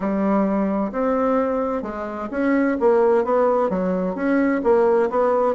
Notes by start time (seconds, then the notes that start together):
0.00 G3
0.91 C4
1.82 G#3
2.31 C#4
2.80 A#3
3.24 B3
3.69 F#3
4.15 C#4
4.63 A#3
5.10 B3